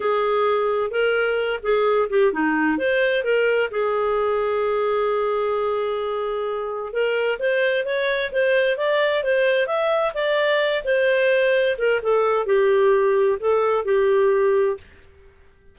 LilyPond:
\new Staff \with { instrumentName = "clarinet" } { \time 4/4 \tempo 4 = 130 gis'2 ais'4. gis'8~ | gis'8 g'8 dis'4 c''4 ais'4 | gis'1~ | gis'2. ais'4 |
c''4 cis''4 c''4 d''4 | c''4 e''4 d''4. c''8~ | c''4. ais'8 a'4 g'4~ | g'4 a'4 g'2 | }